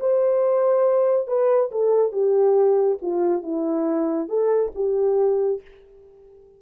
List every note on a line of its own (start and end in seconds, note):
0.00 1.28 C5
1.28 1.71 B4
1.72 2.12 A4
2.12 2.99 G4
3.02 3.43 F4
3.43 4.29 E4
4.29 4.72 A4
4.75 5.62 G4